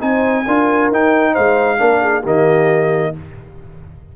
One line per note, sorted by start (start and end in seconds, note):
0.00 0.46 C4
0.00 0.45 D#4
0.00 0.45 C5
0.00 0.91 G#5
0.46 0.91 D4
0.46 0.93 F4
0.46 1.33 A#4
0.91 1.36 D#4
0.91 1.78 D#4
0.91 1.35 G5
1.33 1.80 G#3
1.33 1.78 C5
1.33 2.24 F5
1.78 2.25 A#3
1.78 2.23 D4
1.78 2.02 A#4
2.02 2.23 G#4
2.23 3.15 D#3
2.23 3.13 A#3
2.23 3.12 G4
2.23 3.17 D#5